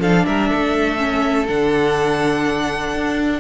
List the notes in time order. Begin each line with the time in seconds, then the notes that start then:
0.00 F3 D4 A4 F5
0.26 G3 A#4 E5
0.49 A3 A4
0.98 C#4
1.48 D3 D4 F#5
2.94 D4